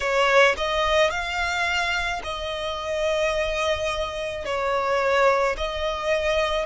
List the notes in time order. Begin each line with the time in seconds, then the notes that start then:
0.00 C#5
0.57 D#5
1.10 F5
2.23 D#5
4.44 C#5
5.57 D#5